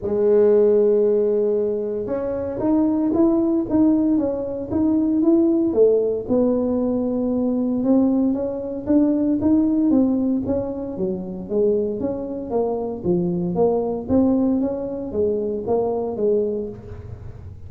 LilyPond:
\new Staff \with { instrumentName = "tuba" } { \time 4/4 \tempo 4 = 115 gis1 | cis'4 dis'4 e'4 dis'4 | cis'4 dis'4 e'4 a4 | b2. c'4 |
cis'4 d'4 dis'4 c'4 | cis'4 fis4 gis4 cis'4 | ais4 f4 ais4 c'4 | cis'4 gis4 ais4 gis4 | }